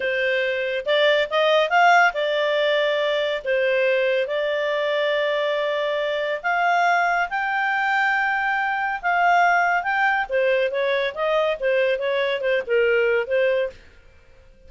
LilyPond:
\new Staff \with { instrumentName = "clarinet" } { \time 4/4 \tempo 4 = 140 c''2 d''4 dis''4 | f''4 d''2. | c''2 d''2~ | d''2. f''4~ |
f''4 g''2.~ | g''4 f''2 g''4 | c''4 cis''4 dis''4 c''4 | cis''4 c''8 ais'4. c''4 | }